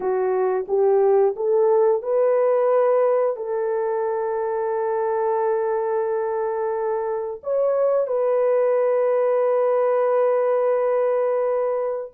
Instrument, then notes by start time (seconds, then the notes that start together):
horn
0.00 F#4
0.67 G4
1.35 A4
2.02 B4
3.36 A4
7.43 C#5
8.07 B4